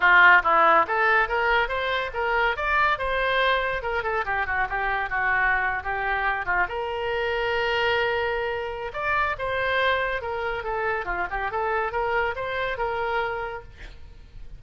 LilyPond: \new Staff \with { instrumentName = "oboe" } { \time 4/4 \tempo 4 = 141 f'4 e'4 a'4 ais'4 | c''4 ais'4 d''4 c''4~ | c''4 ais'8 a'8 g'8 fis'8 g'4 | fis'4.~ fis'16 g'4. f'8 ais'16~ |
ais'1~ | ais'4 d''4 c''2 | ais'4 a'4 f'8 g'8 a'4 | ais'4 c''4 ais'2 | }